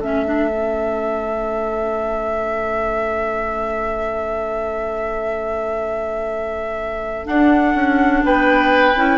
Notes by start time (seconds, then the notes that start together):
0.00 A3 C#4 A4 E5
0.26 D4
0.49 C#4
7.25 D4 F#5
7.75 C#4
8.24 B3 B4 G5
8.96 C#4 E4